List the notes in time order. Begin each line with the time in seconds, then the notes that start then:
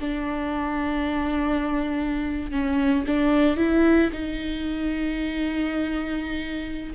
0.00 D4
2.51 C#4
3.07 D4
3.56 E4
4.12 D#4